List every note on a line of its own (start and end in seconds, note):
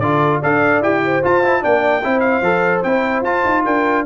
0.00 0.41 D3
0.00 0.43 F4
0.00 0.40 A4
0.00 0.41 D5
0.40 0.81 D4
0.40 0.83 A4
0.40 1.01 D5
0.40 0.83 F5
0.81 1.22 E4
0.81 1.24 G4
0.81 1.24 G5
1.05 1.62 C5
1.24 1.44 F4
1.24 1.65 F4
1.24 1.64 A5
1.45 1.61 E4
1.61 2.05 A#3
1.61 2.02 D4
1.61 2.03 D5
1.61 2.21 G5
2.04 2.42 C4
2.04 2.44 E4
2.04 3.65 C5
2.21 2.81 F5
2.42 2.82 F3
2.42 2.85 A4
2.83 3.22 C4
2.83 3.25 E4
2.83 3.24 G5
3.22 3.42 F4
3.22 4.06 F4
3.22 3.65 A5
3.45 3.66 D#4
3.65 4.07 D4
3.65 4.06 A#4
3.65 4.06 G5